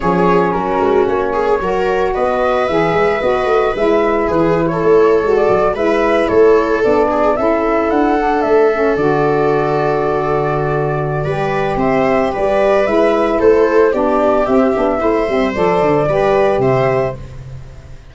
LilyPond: <<
  \new Staff \with { instrumentName = "flute" } { \time 4/4 \tempo 4 = 112 cis''4 ais'4 cis''2 | dis''4 e''4 dis''4 e''4 | b'8. cis''4~ cis''16 d''8. e''4 cis''16~ | cis''8. d''4 e''4 fis''4 e''16~ |
e''8. d''2.~ d''16~ | d''2 e''4 d''4 | e''4 c''4 d''4 e''4~ | e''4 d''2 e''4 | }
  \new Staff \with { instrumentName = "viola" } { \time 4/4 gis'4 fis'4. gis'8 ais'4 | b'1 | gis'8. a'2 b'4 a'16~ | a'4~ a'16 gis'8 a'2~ a'16~ |
a'1~ | a'4 b'4 c''4 b'4~ | b'4 a'4 g'2 | c''2 b'4 c''4 | }
  \new Staff \with { instrumentName = "saxophone" } { \time 4/4 cis'2. fis'4~ | fis'4 gis'4 fis'4 e'4~ | e'4.~ e'16 fis'4 e'4~ e'16~ | e'8. d'4 e'4. d'8.~ |
d'16 cis'8 fis'2.~ fis'16~ | fis'4 g'2. | e'2 d'4 c'8 d'8 | e'8 c'8 a'4 g'2 | }
  \new Staff \with { instrumentName = "tuba" } { \time 4/4 f4 fis8 gis8 ais4 fis4 | b4 e8 gis8 b8 a8 gis4 | e4 a8. gis8 fis8 gis4 a16~ | a8. b4 cis'4 d'4 a16~ |
a8. d2.~ d16~ | d4 g4 c'4 g4 | gis4 a4 b4 c'8 b8 | a8 g8 f8 d8 g4 c4 | }
>>